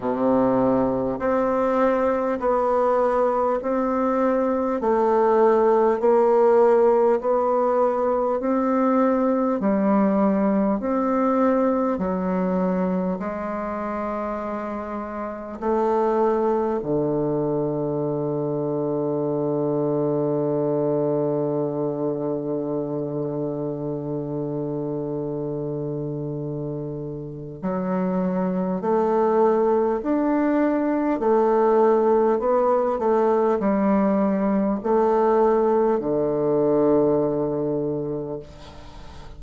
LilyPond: \new Staff \with { instrumentName = "bassoon" } { \time 4/4 \tempo 4 = 50 c4 c'4 b4 c'4 | a4 ais4 b4 c'4 | g4 c'4 fis4 gis4~ | gis4 a4 d2~ |
d1~ | d2. fis4 | a4 d'4 a4 b8 a8 | g4 a4 d2 | }